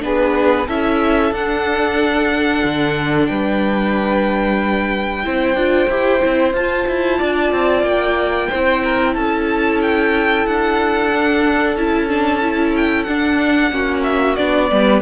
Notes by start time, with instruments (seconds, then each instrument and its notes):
0.00 cello B3, viola D4, violin G#4 B4
0.67 cello C#4, viola E4, violin A4 E5
1.32 cello D4, viola D4, violin F#5
2.64 cello D3
3.27 cello G3, violin B4 G5
5.24 cello C4, viola E4, violin C5
5.54 cello D4, viola F4
5.89 cello E4, viola G4
6.21 cello C4, viola E4
6.53 cello F4, viola F4, violin A5
6.88 cello E4
7.19 cello D4, violin D5
7.52 cello C4
7.83 cello A#3, violin G5
8.50 cello C4, viola E4, violin C5
8.84 violin A#4
9.14 cello C#4, violin A4 A5
9.82 violin G5
10.47 cello D4, violin F#5
11.13 viola D4
11.76 cello C#4, viola E4, violin A5
12.09 viola D4
12.41 viola E4
12.76 violin G5
13.04 viola D4, cello D4, violin F#5
13.71 cello A#3, viola C#4, violin F#4
14.04 violin E5
14.36 cello B3, viola D4, violin D5
14.70 cello G3, viola B3, violin B4